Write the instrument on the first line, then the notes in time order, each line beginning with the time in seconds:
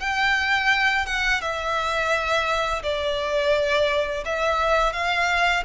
violin
0.00 G5
1.06 F#5
1.41 E5
2.83 D5
4.25 E5
4.93 F5